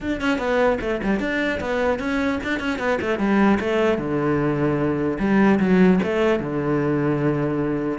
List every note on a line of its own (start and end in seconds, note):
0.00 0.20 D4
0.20 0.38 C#4
0.38 0.78 B3
0.80 1.00 A3
1.03 1.19 G3
1.19 1.59 D4
1.60 1.99 B3
1.99 2.39 C#4
2.43 2.59 D4
2.59 2.78 C#4
2.78 2.98 B3
3.01 3.19 A3
3.19 3.59 G3
3.60 3.97 A3
3.97 5.17 D3
5.19 5.59 G3
5.59 5.99 F#3
6.03 6.39 A3
6.39 7.98 D3